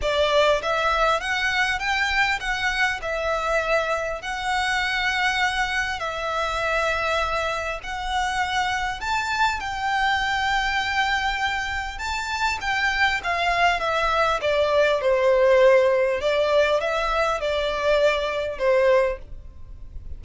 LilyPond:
\new Staff \with { instrumentName = "violin" } { \time 4/4 \tempo 4 = 100 d''4 e''4 fis''4 g''4 | fis''4 e''2 fis''4~ | fis''2 e''2~ | e''4 fis''2 a''4 |
g''1 | a''4 g''4 f''4 e''4 | d''4 c''2 d''4 | e''4 d''2 c''4 | }